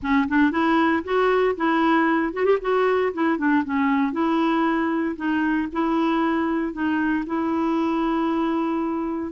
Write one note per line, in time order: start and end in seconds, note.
0.02 0.28 C#4
0.28 0.51 D4
0.51 1.03 E4
1.03 1.55 F#4
1.56 2.33 E4
2.33 2.45 F#4
2.45 2.58 G4
2.61 3.12 F#4
3.13 3.37 E4
3.37 3.63 D4
3.64 4.12 C#4
4.12 5.15 E4
5.16 5.68 D#4
5.72 6.72 E4
6.72 7.24 D#4
7.26 9.32 E4